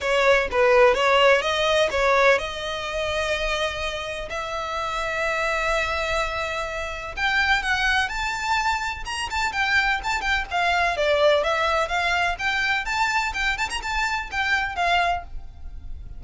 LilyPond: \new Staff \with { instrumentName = "violin" } { \time 4/4 \tempo 4 = 126 cis''4 b'4 cis''4 dis''4 | cis''4 dis''2.~ | dis''4 e''2.~ | e''2. g''4 |
fis''4 a''2 ais''8 a''8 | g''4 a''8 g''8 f''4 d''4 | e''4 f''4 g''4 a''4 | g''8 a''16 ais''16 a''4 g''4 f''4 | }